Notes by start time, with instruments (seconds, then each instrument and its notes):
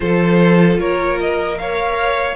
0.00 cello F3, viola F4, violin A4 C5
0.78 cello A#3, violin A#4 C#5
1.19 violin D#5
1.56 viola A#4, violin C#5 F5